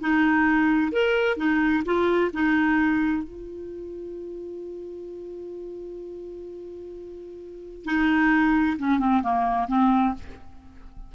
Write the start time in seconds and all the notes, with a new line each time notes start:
0.00 D#4
0.92 A#4
1.37 D#4
1.85 F4
2.33 D#4
3.24 F4
7.85 D#4
8.79 C#4
8.99 C4
9.23 A#3
9.68 C4